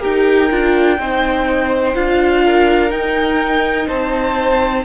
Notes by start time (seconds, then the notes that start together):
0.00 D#4 G4 A#4 G5
0.50 D4 F4
0.98 C4 D#4 C5
1.95 D4 F4 F5
2.44 A#4
2.90 D#4 G5
3.88 C4 C5 A5